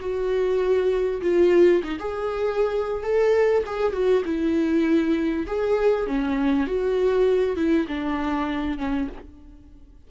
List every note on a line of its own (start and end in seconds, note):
0.00 1.21 F#4
1.22 1.82 F4
1.84 1.99 D#4
1.99 3.03 G#4
3.03 3.64 A4
3.66 3.93 G#4
3.93 4.23 F#4
4.25 5.47 E4
5.47 6.07 G#4
6.07 6.67 C#4
6.67 7.56 F#4
7.56 7.87 E4
7.88 8.78 D4
8.78 9.08 C#4